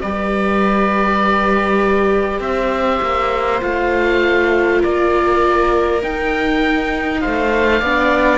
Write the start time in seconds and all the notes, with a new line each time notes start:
0.00 G3 G4 B4 D5
2.39 C4 C5 E5
3.01 A#3
3.60 A3 F4 F5
4.80 A#3 A#4 D5
6.02 D#4 G5
7.21 A3 C5 F5
7.80 B3 D4 D5